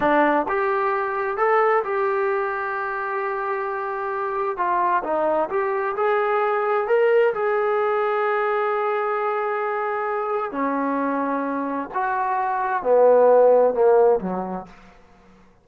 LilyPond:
\new Staff \with { instrumentName = "trombone" } { \time 4/4 \tempo 4 = 131 d'4 g'2 a'4 | g'1~ | g'2 f'4 dis'4 | g'4 gis'2 ais'4 |
gis'1~ | gis'2. cis'4~ | cis'2 fis'2 | b2 ais4 fis4 | }